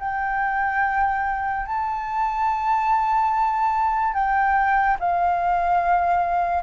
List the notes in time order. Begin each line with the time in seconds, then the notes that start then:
0.00 G5
1.66 A5
4.14 G5
5.00 F5